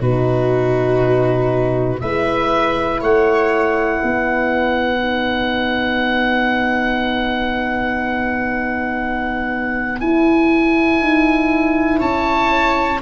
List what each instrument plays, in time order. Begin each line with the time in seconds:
0.00 tuba B2, horn D#4, viola F#4, oboe B4
2.00 tuba G#3, horn E4, viola B4, oboe E5
3.01 tuba A3, viola C#5, oboe F#5
4.01 tuba B3, viola B4
5.00 horn D#4
10.00 tuba E4, horn E4, oboe G#5
11.01 tuba D#4
12.00 tuba C#4, viola C#5, oboe A5